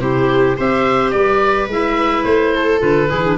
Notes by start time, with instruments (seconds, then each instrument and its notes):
0.00 tuba C3, clarinet E4, viola G4, oboe C5
0.57 tuba C4, clarinet G4, viola C5, oboe E5
1.11 tuba G3, viola B4, oboe D5
1.68 tuba G#3, clarinet E4, oboe E5
2.24 tuba A3, oboe C5
2.55 viola A4
2.79 tuba D3, clarinet F4, oboe B4
3.09 tuba E3, clarinet E4, viola G#4
3.25 clarinet D4